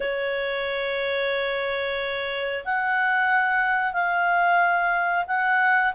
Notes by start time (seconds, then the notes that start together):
0.00 C#5
2.65 F#5
3.93 F5
5.27 F#5